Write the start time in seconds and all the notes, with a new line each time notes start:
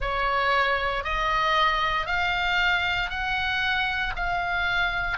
0.00 C#5
1.03 D#5
2.06 F5
3.09 F#5
4.16 F5